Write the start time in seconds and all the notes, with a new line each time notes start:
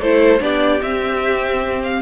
0.00 A3 E4 A4 C5
0.40 B3 D4 G4 D5
0.82 C4 E5
1.84 F5